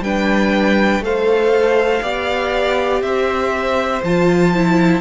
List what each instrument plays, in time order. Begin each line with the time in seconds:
0.00 cello G3, viola D4, violin B4 G5
0.99 cello A3, viola A4, violin C5 F5
2.02 cello B3, viola G4, violin D5
3.01 cello C4, violin C5 E5
4.03 cello F3, viola F4, violin A5
4.54 viola E4